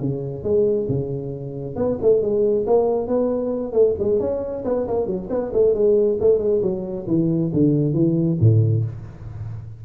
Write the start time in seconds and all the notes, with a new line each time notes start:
0.00 C#3
0.44 G#3
0.89 C#3
1.76 B3
2.02 A3
2.22 G#3
2.67 A#3
3.07 B3
3.73 A3
3.99 G#3
4.20 C#4
4.65 B3
4.88 A#3
5.07 F#3
5.30 B3
5.53 A3
5.74 G#3
6.20 A3
6.39 G#3
6.62 F#3
7.08 E3
7.53 D3
7.94 E3
8.40 A2